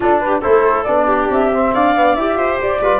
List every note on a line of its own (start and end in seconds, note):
0.00 0.42 D4
0.00 0.44 D4
0.00 0.22 F4
0.00 0.19 A4
0.19 0.41 G4
0.19 0.41 B4
0.41 0.88 A3
0.41 0.85 E4
0.41 1.06 A4
0.41 0.83 C5
0.83 1.29 B3
0.83 1.52 D4
0.83 1.27 D5
1.06 1.70 G4
1.29 1.72 C4
1.29 1.74 E5
1.52 1.95 C4
1.74 2.16 D4
1.74 2.37 D5
1.74 2.15 F5
1.95 2.17 B3
2.15 2.35 E4
2.15 2.82 G4
2.15 2.59 E5
2.35 2.57 F4
2.35 2.80 C5
2.60 2.80 G4
2.60 3.00 D5
2.80 3.00 G3
2.80 3.00 F4
2.80 3.00 B4